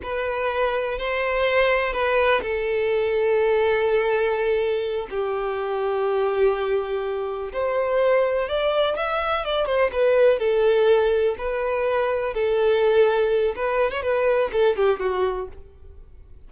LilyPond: \new Staff \with { instrumentName = "violin" } { \time 4/4 \tempo 4 = 124 b'2 c''2 | b'4 a'2.~ | a'2~ a'8 g'4.~ | g'2.~ g'8 c''8~ |
c''4. d''4 e''4 d''8 | c''8 b'4 a'2 b'8~ | b'4. a'2~ a'8 | b'8. cis''16 b'4 a'8 g'8 fis'4 | }